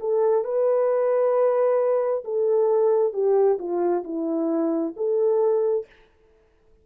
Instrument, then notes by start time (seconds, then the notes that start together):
horn
0.00 A4
0.44 B4
2.24 A4
3.13 G4
3.59 F4
4.04 E4
4.96 A4